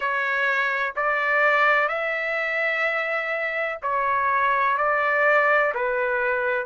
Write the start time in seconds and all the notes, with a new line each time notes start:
0.00 C#5
0.95 D5
1.88 E5
3.82 C#5
4.77 D5
5.74 B4